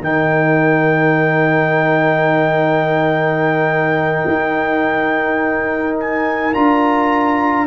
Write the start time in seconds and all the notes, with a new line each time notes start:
0.00 D#3 D#4 A#4 G5
4.27 D#4
6.00 G#5
6.54 D4 F4 A#5